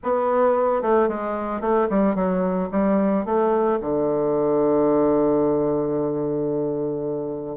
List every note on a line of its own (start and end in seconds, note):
0.03 0.82 B3
0.82 1.08 A3
1.08 1.61 G#3
1.61 1.88 A3
1.89 2.15 G3
2.15 2.69 F#3
2.71 3.25 G3
3.25 3.79 A3
3.80 7.57 D3